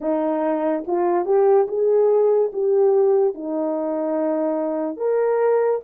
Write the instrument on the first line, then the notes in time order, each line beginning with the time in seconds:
horn
0.00 D#4
0.86 F4
1.25 G4
1.67 G#4
2.52 G4
3.34 D#4
4.97 A#4